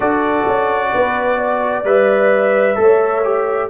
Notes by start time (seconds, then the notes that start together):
0.00 D4 F#4 A4 D5
0.47 C#4
0.93 B3 B4
1.37 D5
1.83 G3 B4 E5
2.75 A3 A4 C#5
3.23 G4